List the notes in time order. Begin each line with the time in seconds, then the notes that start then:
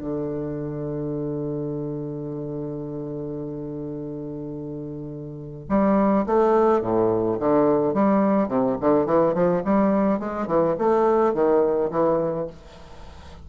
0.00 D3
5.69 G3
6.26 A3
6.81 A2
7.39 D3
7.93 G3
8.48 C3
8.80 D3
9.05 E3
9.34 F3
9.64 G3
10.19 G#3
10.47 E3
10.78 A3
11.33 D#3
11.90 E3